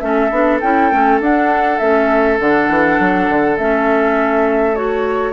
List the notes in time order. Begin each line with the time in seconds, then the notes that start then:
0.00 A3 C#4 A4 E5
0.31 B3 D4
0.61 C#4 E4 G5
0.92 A3 C#4
1.20 D4 F#5
1.79 A3 C#4 E5
2.39 D3 D4 F#5
2.69 E3
3.00 F#3
3.29 D3
3.58 A3 C#4 E5
4.75 F#4 C#5